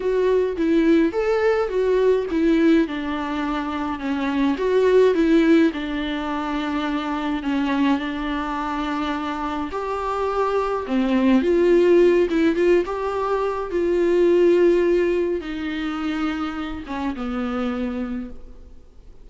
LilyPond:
\new Staff \with { instrumentName = "viola" } { \time 4/4 \tempo 4 = 105 fis'4 e'4 a'4 fis'4 | e'4 d'2 cis'4 | fis'4 e'4 d'2~ | d'4 cis'4 d'2~ |
d'4 g'2 c'4 | f'4. e'8 f'8 g'4. | f'2. dis'4~ | dis'4. cis'8 b2 | }